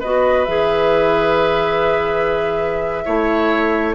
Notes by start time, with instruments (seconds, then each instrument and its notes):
0.00 bassoon B3, clarinet F#4, oboe B4, flute D#5
0.44 bassoon E3, clarinet G#4, flute E5
3.05 bassoon A3, clarinet E4, oboe C#5